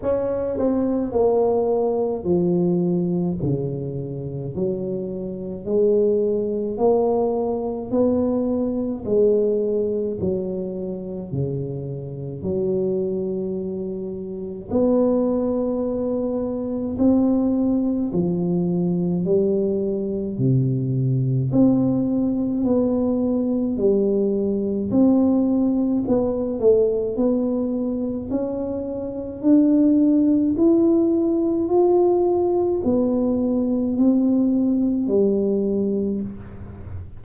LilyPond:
\new Staff \with { instrumentName = "tuba" } { \time 4/4 \tempo 4 = 53 cis'8 c'8 ais4 f4 cis4 | fis4 gis4 ais4 b4 | gis4 fis4 cis4 fis4~ | fis4 b2 c'4 |
f4 g4 c4 c'4 | b4 g4 c'4 b8 a8 | b4 cis'4 d'4 e'4 | f'4 b4 c'4 g4 | }